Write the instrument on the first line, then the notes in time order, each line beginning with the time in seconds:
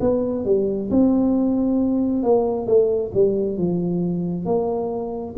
tuba
0.00 B3
0.45 G3
0.90 C4
2.23 A#3
2.67 A3
3.14 G3
3.58 F3
4.45 A#3